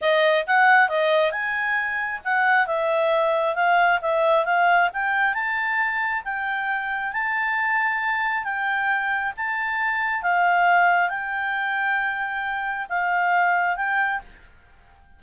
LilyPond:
\new Staff \with { instrumentName = "clarinet" } { \time 4/4 \tempo 4 = 135 dis''4 fis''4 dis''4 gis''4~ | gis''4 fis''4 e''2 | f''4 e''4 f''4 g''4 | a''2 g''2 |
a''2. g''4~ | g''4 a''2 f''4~ | f''4 g''2.~ | g''4 f''2 g''4 | }